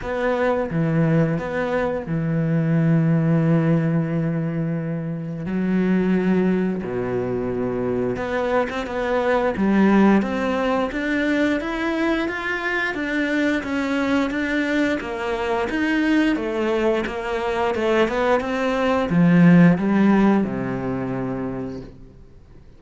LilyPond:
\new Staff \with { instrumentName = "cello" } { \time 4/4 \tempo 4 = 88 b4 e4 b4 e4~ | e1 | fis2 b,2 | b8. c'16 b4 g4 c'4 |
d'4 e'4 f'4 d'4 | cis'4 d'4 ais4 dis'4 | a4 ais4 a8 b8 c'4 | f4 g4 c2 | }